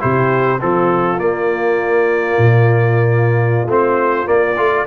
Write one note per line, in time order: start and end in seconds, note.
0.00 0.62 C3
0.00 0.59 E4
0.00 0.62 G4
0.00 0.60 C5
0.60 1.17 F3
0.60 1.18 C4
0.60 4.87 F4
0.60 1.20 A4
1.17 2.35 A#3
1.17 3.68 A#3
1.17 3.70 D5
2.38 3.67 A#2
3.67 4.26 A3
3.67 4.26 C4
3.67 4.28 C5
4.26 4.55 A#3
4.26 4.57 A#3
4.26 4.87 D5
4.57 4.86 A3
4.57 4.87 F4